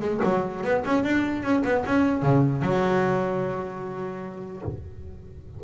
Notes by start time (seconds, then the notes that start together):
0.00 G#3
0.23 F#3
0.64 B3
0.85 C#4
1.03 D4
1.43 C#4
1.64 B3
1.86 C#4
2.22 C#3
2.62 F#3